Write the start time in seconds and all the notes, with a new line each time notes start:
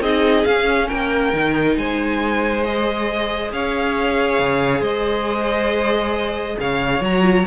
0.00 C4 D#4 G#4 D#5
0.44 C#4 F5
0.88 A#3 A#4 G5
1.33 D#3 D#4
1.76 G#3 C5 G#5
2.63 G#4 D#5
3.51 C#4 C#5 F5
4.39 C#3
4.80 G#3 C5 D#5
6.60 C#3 C#5 F5
7.00 F#3 F#4 A#5
7.22 F4